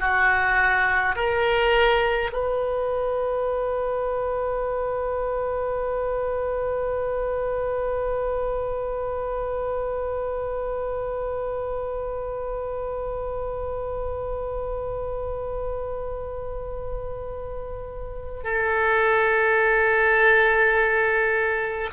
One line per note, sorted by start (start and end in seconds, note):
0.00 1.15 F#4
1.16 2.31 A#4
2.32 18.44 B4
18.44 21.90 A4